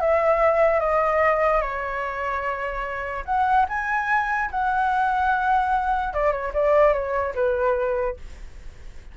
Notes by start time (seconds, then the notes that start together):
0.00 E5
0.80 D#5
1.61 C#5
3.25 F#5
3.68 G#5
4.50 F#5
6.13 D5
6.32 C#5
6.53 D5
6.93 C#5
7.35 B4